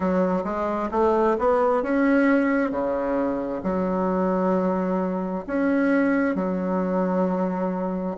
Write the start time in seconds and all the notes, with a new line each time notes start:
0.00 F#3
0.44 G#3
0.91 A3
1.38 B3
1.82 C#4
2.70 C#3
3.63 F#3
5.46 C#4
6.35 F#3